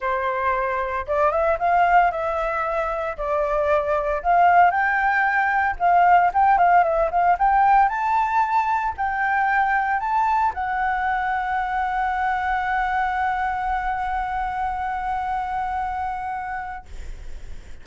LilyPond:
\new Staff \with { instrumentName = "flute" } { \time 4/4 \tempo 4 = 114 c''2 d''8 e''8 f''4 | e''2 d''2 | f''4 g''2 f''4 | g''8 f''8 e''8 f''8 g''4 a''4~ |
a''4 g''2 a''4 | fis''1~ | fis''1~ | fis''1 | }